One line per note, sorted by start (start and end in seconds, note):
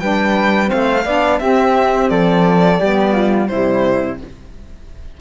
0.00 0.71 G3
0.00 0.66 D4
0.00 0.69 B4
0.00 0.70 G5
0.66 1.01 C4
0.66 1.04 C5
0.66 1.40 F5
0.74 1.05 A3
1.05 1.40 B3
1.05 1.41 D4
1.05 1.40 D5
1.40 2.10 C4
1.40 2.81 C4
1.40 2.11 G4
1.40 2.09 E5
2.09 2.80 F3
2.09 2.80 A4
2.09 3.48 D5
2.80 3.50 G3
2.80 3.48 B3
2.80 3.13 G4
3.13 3.48 F4
3.48 4.21 C3
3.48 4.18 G3
3.48 4.20 E4
3.48 4.18 C5